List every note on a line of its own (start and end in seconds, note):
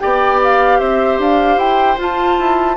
0.00 0.80 B3
0.00 1.97 G4
0.00 0.79 D5
0.00 0.40 G5
0.43 0.80 F5
0.79 1.18 C4
0.79 2.76 C5
0.79 1.19 E5
1.18 1.57 D4
1.18 1.59 F5
1.57 1.96 E4
1.57 1.98 G5
1.98 2.37 F4
1.98 2.77 F4
1.98 2.77 A5
2.39 2.77 E4